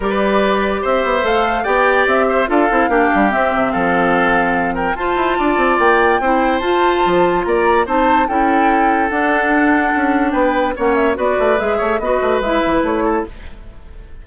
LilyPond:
<<
  \new Staff \with { instrumentName = "flute" } { \time 4/4 \tempo 4 = 145 d''2 e''4 f''4 | g''4 e''4 f''2 | e''4 f''2~ f''8 g''8 | a''2 g''2 |
a''2 ais''4 a''4 | g''2 fis''2~ | fis''4 g''4 fis''8 e''8 d''4 | e''4 dis''4 e''4 cis''4 | }
  \new Staff \with { instrumentName = "oboe" } { \time 4/4 b'2 c''2 | d''4. c''8 a'4 g'4~ | g'4 a'2~ a'8 ais'8 | c''4 d''2 c''4~ |
c''2 d''4 c''4 | a'1~ | a'4 b'4 cis''4 b'4~ | b'8 cis''8 b'2~ b'8 a'8 | }
  \new Staff \with { instrumentName = "clarinet" } { \time 4/4 g'2. a'4 | g'2 f'8 e'8 d'4 | c'1 | f'2. e'4 |
f'2. dis'4 | e'2 d'2~ | d'2 cis'4 fis'4 | gis'4 fis'4 e'2 | }
  \new Staff \with { instrumentName = "bassoon" } { \time 4/4 g2 c'8 b8 a4 | b4 c'4 d'8 c'8 ais8 g8 | c'8 c8 f2. | f'8 e'8 d'8 c'8 ais4 c'4 |
f'4 f4 ais4 c'4 | cis'2 d'2 | cis'4 b4 ais4 b8 a8 | gis8 a8 b8 a8 gis8 e8 a4 | }
>>